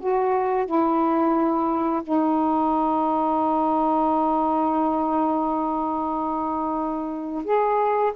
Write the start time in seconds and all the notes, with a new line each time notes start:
0.00 F#4
0.66 E4
2.04 D#4
7.45 G#4